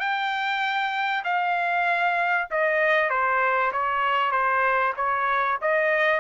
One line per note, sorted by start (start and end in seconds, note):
0.00 1.24 G5
1.25 2.48 F5
2.51 3.10 D#5
3.10 3.72 C5
3.72 4.32 C#5
4.32 4.93 C5
4.97 5.59 C#5
5.62 6.20 D#5